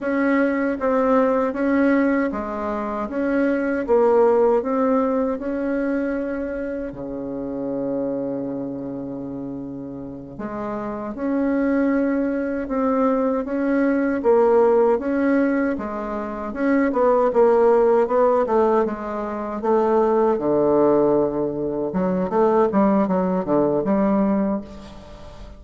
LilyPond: \new Staff \with { instrumentName = "bassoon" } { \time 4/4 \tempo 4 = 78 cis'4 c'4 cis'4 gis4 | cis'4 ais4 c'4 cis'4~ | cis'4 cis2.~ | cis4. gis4 cis'4.~ |
cis'8 c'4 cis'4 ais4 cis'8~ | cis'8 gis4 cis'8 b8 ais4 b8 | a8 gis4 a4 d4.~ | d8 fis8 a8 g8 fis8 d8 g4 | }